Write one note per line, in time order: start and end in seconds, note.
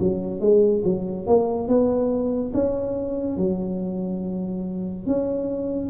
0.00 0.41 F#3
0.41 0.83 G#3
0.85 1.27 F#3
1.27 1.68 A#3
1.68 2.52 B3
2.54 3.37 C#4
3.37 5.06 F#3
5.07 5.90 C#4